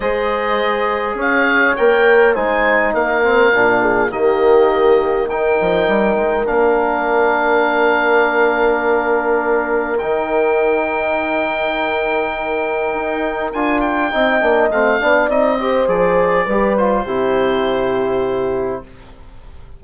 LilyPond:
<<
  \new Staff \with { instrumentName = "oboe" } { \time 4/4 \tempo 4 = 102 dis''2 f''4 g''4 | gis''4 f''2 dis''4~ | dis''4 g''2 f''4~ | f''1~ |
f''4 g''2.~ | g''2. gis''8 g''8~ | g''4 f''4 dis''4 d''4~ | d''8 c''2.~ c''8 | }
  \new Staff \with { instrumentName = "horn" } { \time 4/4 c''2 cis''2 | c''4 ais'4. gis'8 g'4~ | g'4 ais'2.~ | ais'1~ |
ais'1~ | ais'1 | dis''4. d''4 c''4. | b'4 g'2. | }
  \new Staff \with { instrumentName = "trombone" } { \time 4/4 gis'2. ais'4 | dis'4. c'8 d'4 ais4~ | ais4 dis'2 d'4~ | d'1~ |
d'4 dis'2.~ | dis'2. f'4 | dis'8 d'8 c'8 d'8 dis'8 g'8 gis'4 | g'8 f'8 e'2. | }
  \new Staff \with { instrumentName = "bassoon" } { \time 4/4 gis2 cis'4 ais4 | gis4 ais4 ais,4 dis4~ | dis4. f8 g8 gis8 ais4~ | ais1~ |
ais4 dis2.~ | dis2 dis'4 d'4 | c'8 ais8 a8 b8 c'4 f4 | g4 c2. | }
>>